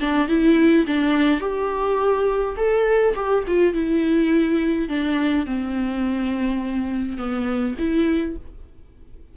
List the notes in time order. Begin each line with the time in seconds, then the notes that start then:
0.00 D4
0.28 E4
0.87 D4
1.40 G4
2.56 A4
3.15 G4
3.47 F4
3.73 E4
4.89 D4
5.46 C4
7.17 B3
7.78 E4